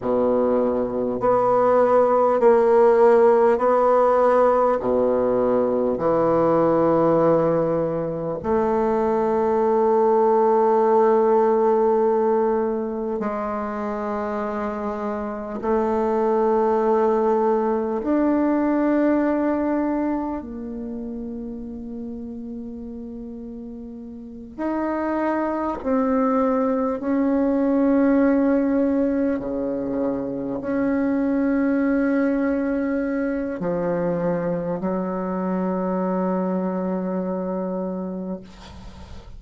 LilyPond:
\new Staff \with { instrumentName = "bassoon" } { \time 4/4 \tempo 4 = 50 b,4 b4 ais4 b4 | b,4 e2 a4~ | a2. gis4~ | gis4 a2 d'4~ |
d'4 ais2.~ | ais8 dis'4 c'4 cis'4.~ | cis'8 cis4 cis'2~ cis'8 | f4 fis2. | }